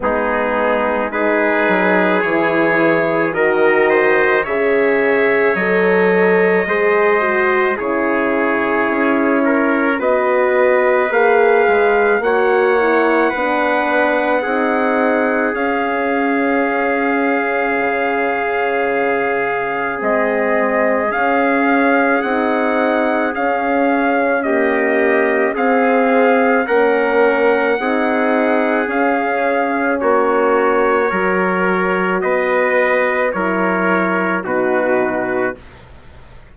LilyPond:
<<
  \new Staff \with { instrumentName = "trumpet" } { \time 4/4 \tempo 4 = 54 gis'4 b'4 cis''4 dis''4 | e''4 dis''2 cis''4~ | cis''4 dis''4 f''4 fis''4~ | fis''2 f''2~ |
f''2 dis''4 f''4 | fis''4 f''4 dis''4 f''4 | fis''2 f''4 cis''4~ | cis''4 dis''4 cis''4 b'4 | }
  \new Staff \with { instrumentName = "trumpet" } { \time 4/4 dis'4 gis'2 ais'8 c''8 | cis''2 c''4 gis'4~ | gis'8 ais'8 b'2 cis''4 | b'4 gis'2.~ |
gis'1~ | gis'2 g'4 gis'4 | ais'4 gis'2 fis'4 | ais'4 b'4 ais'4 fis'4 | }
  \new Staff \with { instrumentName = "horn" } { \time 4/4 b4 dis'4 e'4 fis'4 | gis'4 a'4 gis'8 fis'8 e'4~ | e'4 fis'4 gis'4 fis'8 e'8 | d'4 dis'4 cis'2~ |
cis'2 c'4 cis'4 | dis'4 cis'4 ais4 c'4 | cis'4 dis'4 cis'2 | fis'2 e'4 dis'4 | }
  \new Staff \with { instrumentName = "bassoon" } { \time 4/4 gis4. fis8 e4 dis4 | cis4 fis4 gis4 cis4 | cis'4 b4 ais8 gis8 ais4 | b4 c'4 cis'2 |
cis2 gis4 cis'4 | c'4 cis'2 c'4 | ais4 c'4 cis'4 ais4 | fis4 b4 fis4 b,4 | }
>>